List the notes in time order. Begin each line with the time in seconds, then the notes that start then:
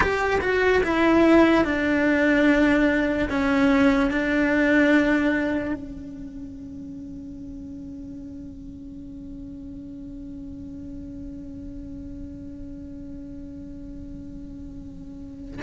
0.00 G4
0.41 F#4
0.83 E4
1.64 D4
3.29 C#4
4.11 D4
5.73 C#4